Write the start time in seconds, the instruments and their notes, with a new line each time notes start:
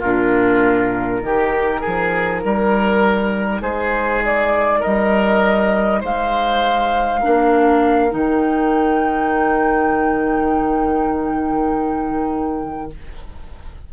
0.00 bassoon A#2, clarinet D4, oboe F4, flute A#4
1.22 bassoon D#3, clarinet D#4, oboe G4
1.81 bassoon F3, oboe G#4
2.44 bassoon G3, oboe A#4
3.62 bassoon G#3, oboe G#4, flute C5
4.25 flute D5
4.80 oboe A#4, flute D#5
4.86 bassoon G3
6.01 bassoon G#3, oboe C5, flute F5
7.21 bassoon A#3, clarinet D4, oboe A#4
8.10 bassoon D#3, clarinet D#4, flute G5